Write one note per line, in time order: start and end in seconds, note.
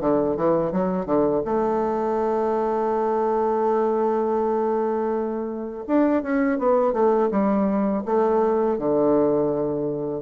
0.00 0.37 D3
0.37 0.72 E3
0.72 1.06 F#3
1.06 1.42 D3
1.45 5.84 A3
5.87 6.23 D4
6.23 6.58 C#4
6.58 6.93 B3
6.93 7.29 A3
7.31 8.04 G3
8.05 8.78 A3
8.78 10.22 D3